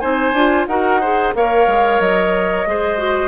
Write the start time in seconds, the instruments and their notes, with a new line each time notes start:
0.00 bassoon C4, clarinet D#4, oboe C5, flute G#5
0.33 bassoon D4, clarinet F4
0.68 bassoon D#4, clarinet F#4, oboe A#4, flute F#5
1.01 clarinet G#4, oboe C5
1.36 bassoon A#3, clarinet A#4, oboe C#5, flute F5
1.68 bassoon G#3
2.00 bassoon F#3, flute D#5
2.67 bassoon G#3, clarinet G#4, oboe C5
2.98 clarinet F#4